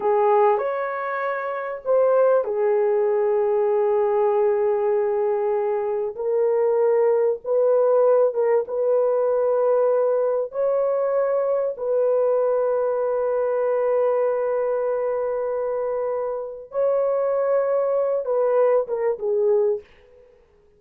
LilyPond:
\new Staff \with { instrumentName = "horn" } { \time 4/4 \tempo 4 = 97 gis'4 cis''2 c''4 | gis'1~ | gis'2 ais'2 | b'4. ais'8 b'2~ |
b'4 cis''2 b'4~ | b'1~ | b'2. cis''4~ | cis''4. b'4 ais'8 gis'4 | }